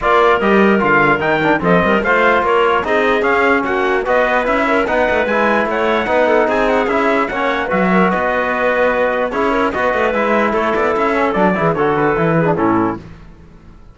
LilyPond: <<
  \new Staff \with { instrumentName = "trumpet" } { \time 4/4 \tempo 4 = 148 d''4 dis''4 f''4 g''4 | dis''4 f''4 cis''4 dis''4 | f''4 fis''4 dis''4 e''4 | fis''4 gis''4 fis''2 |
gis''8 fis''8 e''4 fis''4 e''4 | dis''2. cis''4 | dis''4 e''4 cis''8 d''8 e''4 | d''4 cis''8 b'4. a'4 | }
  \new Staff \with { instrumentName = "clarinet" } { \time 4/4 ais'1 | a'8 ais'8 c''4 ais'4 gis'4~ | gis'4 fis'4 b'4. ais'8 | b'2 cis''4 b'8 a'8 |
gis'2 cis''4 b'8 ais'8 | b'2. gis'8 ais'8 | b'2 a'2~ | a'8 gis'8 a'4. gis'8 e'4 | }
  \new Staff \with { instrumentName = "trombone" } { \time 4/4 f'4 g'4 f'4 dis'8 d'8 | c'4 f'2 dis'4 | cis'2 fis'4 e'4 | dis'4 e'2 dis'4~ |
dis'4 e'4 cis'4 fis'4~ | fis'2. e'4 | fis'4 e'2~ e'8 cis'8 | d'8 e'8 fis'4 e'8. d'16 cis'4 | }
  \new Staff \with { instrumentName = "cello" } { \time 4/4 ais4 g4 d4 dis4 | f8 g8 a4 ais4 c'4 | cis'4 ais4 b4 cis'4 | b8 a8 gis4 a4 b4 |
c'4 cis'4 ais4 fis4 | b2. cis'4 | b8 a8 gis4 a8 b8 cis'4 | fis8 e8 d4 e4 a,4 | }
>>